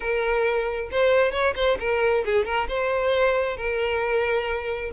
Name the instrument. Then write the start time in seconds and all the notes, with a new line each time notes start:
violin
0.00 A#4
0.91 C5
1.31 C#5
1.55 C5
1.79 A#4
2.25 G#4
2.45 A#4
2.68 C5
3.57 A#4